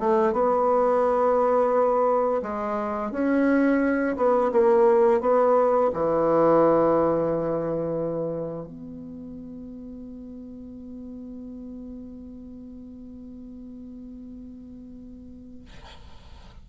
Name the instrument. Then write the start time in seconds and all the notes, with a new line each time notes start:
bassoon
0.00 A3
0.33 B3
2.43 G#3
3.12 C#4
4.17 B3
4.52 A#3
5.21 B3
5.94 E3
8.68 B3